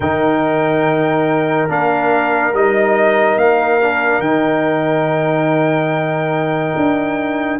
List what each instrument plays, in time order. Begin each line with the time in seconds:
0.00 tuba D#3, trombone D#4, horn A#4, trumpet G5
1.68 tuba A#3, trombone D4, trumpet F5
2.53 tuba G3, trombone D#4, trumpet D#5
3.36 tuba A#3, trumpet F5
3.81 trombone D4
4.19 tuba D#3, trombone D#4, trumpet G5
6.76 tuba D4